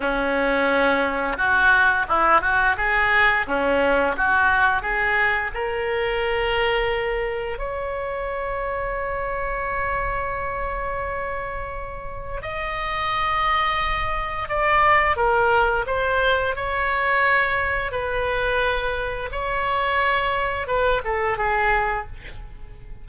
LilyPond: \new Staff \with { instrumentName = "oboe" } { \time 4/4 \tempo 4 = 87 cis'2 fis'4 e'8 fis'8 | gis'4 cis'4 fis'4 gis'4 | ais'2. cis''4~ | cis''1~ |
cis''2 dis''2~ | dis''4 d''4 ais'4 c''4 | cis''2 b'2 | cis''2 b'8 a'8 gis'4 | }